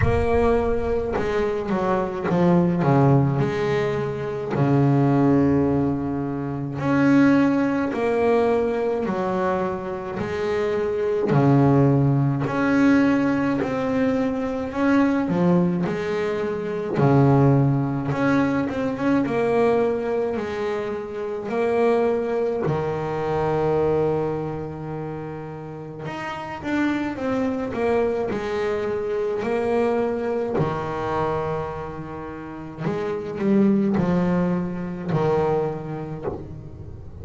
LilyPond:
\new Staff \with { instrumentName = "double bass" } { \time 4/4 \tempo 4 = 53 ais4 gis8 fis8 f8 cis8 gis4 | cis2 cis'4 ais4 | fis4 gis4 cis4 cis'4 | c'4 cis'8 f8 gis4 cis4 |
cis'8 c'16 cis'16 ais4 gis4 ais4 | dis2. dis'8 d'8 | c'8 ais8 gis4 ais4 dis4~ | dis4 gis8 g8 f4 dis4 | }